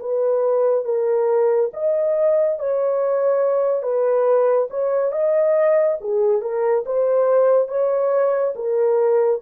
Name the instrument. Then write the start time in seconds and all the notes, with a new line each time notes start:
horn
0.00 B4
0.85 A#4
1.73 D#5
2.59 C#5
3.83 B4
4.71 C#5
5.12 D#5
6.01 G#4
6.42 A#4
6.86 C5
7.68 C#5
8.56 A#4